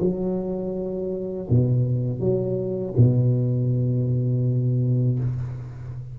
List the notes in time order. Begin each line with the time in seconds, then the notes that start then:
0.00 F#3
1.50 B2
2.20 F#3
2.97 B2